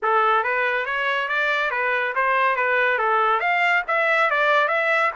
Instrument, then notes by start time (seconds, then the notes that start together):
trumpet
0.02 A4
0.43 B4
0.85 C#5
1.28 D5
1.70 B4
2.15 C5
2.56 B4
2.98 A4
3.40 F5
3.87 E5
4.30 D5
4.68 E5